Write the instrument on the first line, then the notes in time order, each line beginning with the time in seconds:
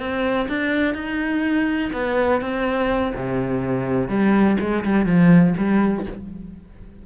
cello
0.00 C4
0.49 D4
0.95 D#4
1.93 B3
2.41 C4
3.16 C3
4.09 G3
4.61 G#3
4.85 G3
5.06 F3
5.58 G3